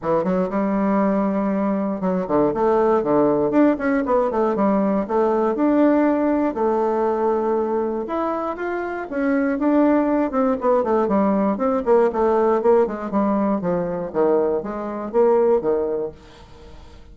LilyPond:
\new Staff \with { instrumentName = "bassoon" } { \time 4/4 \tempo 4 = 119 e8 fis8 g2. | fis8 d8 a4 d4 d'8 cis'8 | b8 a8 g4 a4 d'4~ | d'4 a2. |
e'4 f'4 cis'4 d'4~ | d'8 c'8 b8 a8 g4 c'8 ais8 | a4 ais8 gis8 g4 f4 | dis4 gis4 ais4 dis4 | }